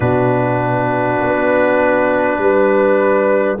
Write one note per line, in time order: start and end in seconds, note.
0.00 1.20 B2
0.00 3.58 D4
0.00 2.40 F#4
0.00 3.58 B4
1.21 2.38 B3
2.38 3.58 G3
2.38 3.60 B4